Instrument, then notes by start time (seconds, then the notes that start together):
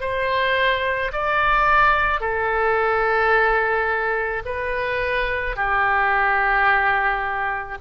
oboe
0.00 C5
1.12 D5
2.20 A4
4.45 B4
5.56 G4